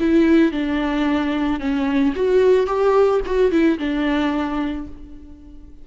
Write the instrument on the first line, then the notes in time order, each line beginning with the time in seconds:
viola
0.00 E4
0.52 D4
1.60 C#4
2.16 F#4
2.67 G4
3.26 F#4
3.52 E4
3.79 D4